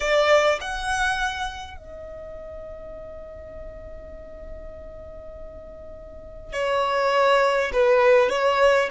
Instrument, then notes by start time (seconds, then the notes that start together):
violin
0.00 D5
0.60 F#5
1.77 D#5
6.52 C#5
7.72 B4
8.29 C#5